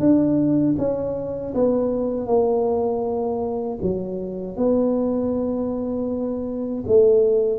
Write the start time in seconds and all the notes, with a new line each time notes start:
0.00 D4
0.78 C#4
1.54 B3
2.27 A#3
3.82 F#3
4.57 B3
6.87 A3